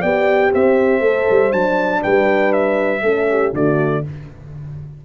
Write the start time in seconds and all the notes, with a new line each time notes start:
0.00 B3 G4 D5 G5
0.52 C4 C5 E5
1.00 A3 A4
1.30 G3
1.51 F#3 D4 A5
2.02 G3 B4 G5
2.52 E5
3.02 A3 C#4 A4
3.29 G4
3.53 D3 A3 F#4 D5